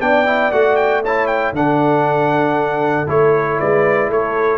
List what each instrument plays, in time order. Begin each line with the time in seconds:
0.00 tuba B3, trombone D4, horn D5, trumpet G5
0.25 trombone E4
0.51 tuba A3, trombone F#4, trumpet F#5
0.76 trumpet G5
1.03 trombone E4, horn C#5, trumpet A5
1.27 trumpet G5
1.52 tuba D3, trombone D4, horn A4, trumpet F#5
3.07 tuba A3, trombone E4, trumpet C#5
3.59 tuba G#3, horn B4, trumpet D5
4.09 tuba A3, horn A4, trumpet C#5